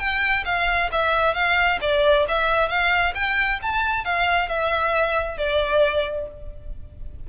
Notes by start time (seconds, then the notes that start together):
0.00 G5
0.45 F5
0.92 E5
1.35 F5
1.82 D5
2.29 E5
2.69 F5
3.15 G5
3.62 A5
4.05 F5
4.49 E5
5.38 D5